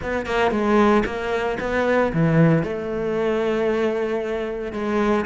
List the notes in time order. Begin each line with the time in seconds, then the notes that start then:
0.02 B3
0.26 A#3
0.51 G#3
1.05 A#3
1.59 B3
2.13 E3
2.63 A3
4.72 G#3